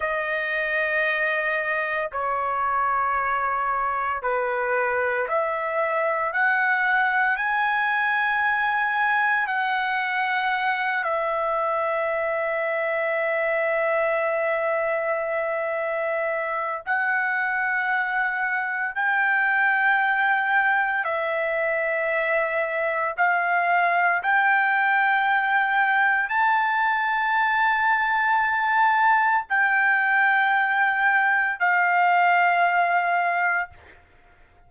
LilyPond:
\new Staff \with { instrumentName = "trumpet" } { \time 4/4 \tempo 4 = 57 dis''2 cis''2 | b'4 e''4 fis''4 gis''4~ | gis''4 fis''4. e''4.~ | e''1 |
fis''2 g''2 | e''2 f''4 g''4~ | g''4 a''2. | g''2 f''2 | }